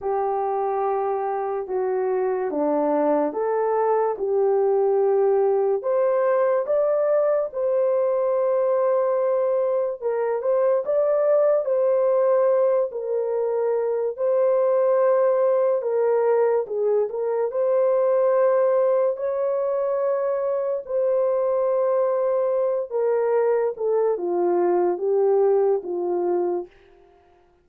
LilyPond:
\new Staff \with { instrumentName = "horn" } { \time 4/4 \tempo 4 = 72 g'2 fis'4 d'4 | a'4 g'2 c''4 | d''4 c''2. | ais'8 c''8 d''4 c''4. ais'8~ |
ais'4 c''2 ais'4 | gis'8 ais'8 c''2 cis''4~ | cis''4 c''2~ c''8 ais'8~ | ais'8 a'8 f'4 g'4 f'4 | }